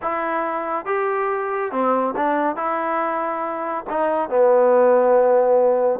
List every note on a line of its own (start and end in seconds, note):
0.02 0.85 E4
0.85 1.71 G4
1.71 2.14 C4
2.16 2.56 D4
2.56 3.84 E4
3.89 4.29 D#4
4.29 6.00 B3